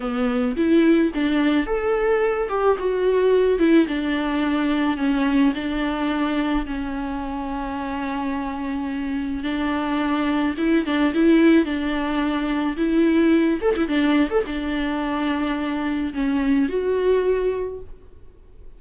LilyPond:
\new Staff \with { instrumentName = "viola" } { \time 4/4 \tempo 4 = 108 b4 e'4 d'4 a'4~ | a'8 g'8 fis'4. e'8 d'4~ | d'4 cis'4 d'2 | cis'1~ |
cis'4 d'2 e'8 d'8 | e'4 d'2 e'4~ | e'8 a'16 e'16 d'8. a'16 d'2~ | d'4 cis'4 fis'2 | }